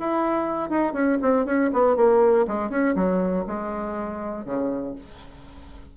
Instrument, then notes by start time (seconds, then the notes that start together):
bassoon
0.00 E4
0.70 D#4
0.93 C#4
1.22 C4
1.46 C#4
1.73 B3
1.97 A#3
2.48 G#3
2.70 C#4
2.96 F#3
3.47 G#3
4.46 C#3